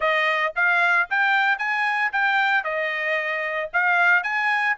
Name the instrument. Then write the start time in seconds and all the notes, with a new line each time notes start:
trumpet
0.00 D#5
0.55 F5
1.09 G5
1.58 G#5
2.12 G5
2.64 D#5
3.73 F5
4.23 G#5